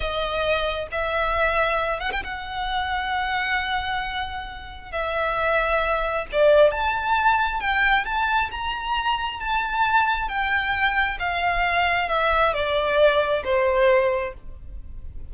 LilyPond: \new Staff \with { instrumentName = "violin" } { \time 4/4 \tempo 4 = 134 dis''2 e''2~ | e''8 fis''16 g''16 fis''2.~ | fis''2. e''4~ | e''2 d''4 a''4~ |
a''4 g''4 a''4 ais''4~ | ais''4 a''2 g''4~ | g''4 f''2 e''4 | d''2 c''2 | }